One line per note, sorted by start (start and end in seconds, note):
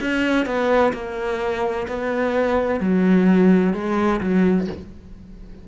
0.00 0.45 C#4
0.45 0.92 B3
0.93 1.87 A#3
1.87 2.80 B3
2.80 3.73 F#3
3.73 4.20 G#3
4.20 4.67 F#3